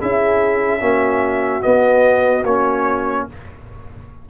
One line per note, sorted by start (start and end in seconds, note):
0.00 0.81 C#4
0.00 0.80 E4
0.00 0.80 G#4
0.00 1.62 E5
0.80 1.63 A#3
0.80 1.61 C#4
0.80 3.27 F#4
1.61 2.43 B3
1.61 2.44 B3
1.61 2.45 D#5
2.44 3.26 A#3
2.44 3.30 C#4
2.44 3.28 C#5